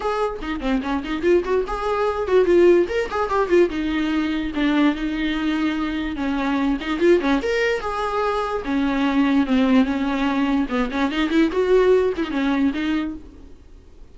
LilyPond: \new Staff \with { instrumentName = "viola" } { \time 4/4 \tempo 4 = 146 gis'4 dis'8 c'8 cis'8 dis'8 f'8 fis'8 | gis'4. fis'8 f'4 ais'8 gis'8 | g'8 f'8 dis'2 d'4 | dis'2. cis'4~ |
cis'8 dis'8 f'8 cis'8 ais'4 gis'4~ | gis'4 cis'2 c'4 | cis'2 b8 cis'8 dis'8 e'8 | fis'4. e'16 dis'16 cis'4 dis'4 | }